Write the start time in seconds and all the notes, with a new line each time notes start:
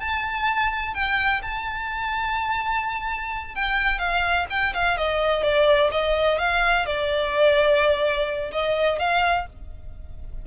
0.00 A5
0.94 G5
1.42 A5
3.55 G5
3.99 F5
4.50 G5
4.74 F5
4.98 D#5
5.43 D5
5.92 D#5
6.39 F5
6.86 D5
8.52 D#5
8.99 F5